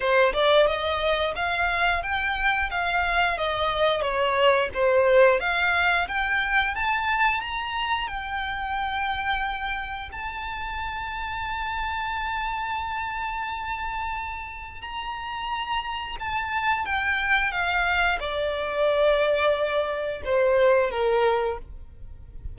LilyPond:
\new Staff \with { instrumentName = "violin" } { \time 4/4 \tempo 4 = 89 c''8 d''8 dis''4 f''4 g''4 | f''4 dis''4 cis''4 c''4 | f''4 g''4 a''4 ais''4 | g''2. a''4~ |
a''1~ | a''2 ais''2 | a''4 g''4 f''4 d''4~ | d''2 c''4 ais'4 | }